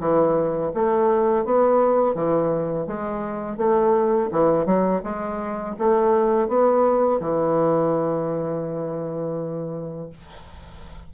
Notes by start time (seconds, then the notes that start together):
0.00 E3
0.74 A3
1.45 B3
2.15 E3
2.87 G#3
3.58 A3
4.31 E3
4.66 F#3
5.03 G#3
5.79 A3
6.48 B3
7.20 E3